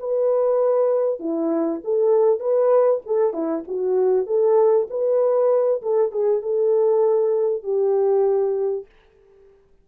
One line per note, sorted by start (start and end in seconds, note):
0.00 1.20 B4
1.20 1.81 E4
1.85 2.40 A4
2.40 3.01 B4
3.06 3.34 A4
3.34 3.64 E4
3.68 4.27 F#4
4.27 4.88 A4
4.90 5.82 B4
5.82 6.12 A4
6.12 6.43 G#4
6.43 7.64 A4
7.64 8.86 G4